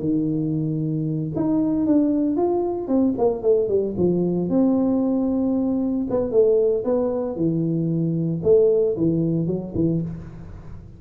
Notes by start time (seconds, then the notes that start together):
0.00 D#3
1.36 D#4
1.87 D4
2.37 F4
2.88 C4
3.18 A#3
3.43 A3
3.69 G3
3.98 F3
4.50 C4
6.10 B3
6.32 A3
6.85 B3
7.36 E3
8.44 A3
8.97 E3
9.47 F#3
9.75 E3